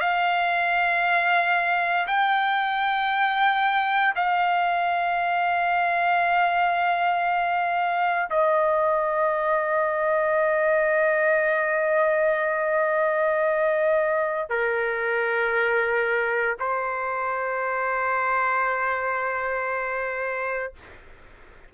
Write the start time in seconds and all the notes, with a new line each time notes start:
0.00 F5
2.07 G5
4.16 F5
8.30 D#5
14.50 A#4
16.60 C5